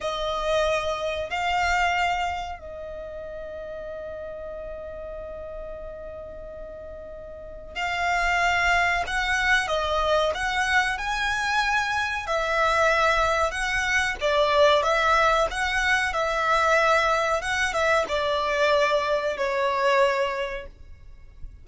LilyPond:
\new Staff \with { instrumentName = "violin" } { \time 4/4 \tempo 4 = 93 dis''2 f''2 | dis''1~ | dis''1 | f''2 fis''4 dis''4 |
fis''4 gis''2 e''4~ | e''4 fis''4 d''4 e''4 | fis''4 e''2 fis''8 e''8 | d''2 cis''2 | }